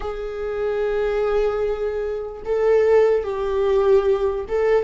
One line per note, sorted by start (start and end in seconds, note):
0.00 2.42 G#4
2.45 3.23 A4
3.23 4.45 G4
4.48 4.84 A4